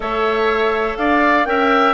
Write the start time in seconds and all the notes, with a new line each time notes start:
0.00 A3 A4 C#5 E5
0.96 D4 D5 F5
1.45 C#4 A#4 E5 G5